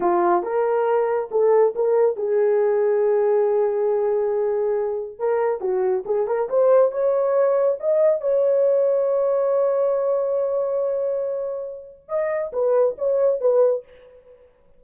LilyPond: \new Staff \with { instrumentName = "horn" } { \time 4/4 \tempo 4 = 139 f'4 ais'2 a'4 | ais'4 gis'2.~ | gis'1 | ais'4 fis'4 gis'8 ais'8 c''4 |
cis''2 dis''4 cis''4~ | cis''1~ | cis''1 | dis''4 b'4 cis''4 b'4 | }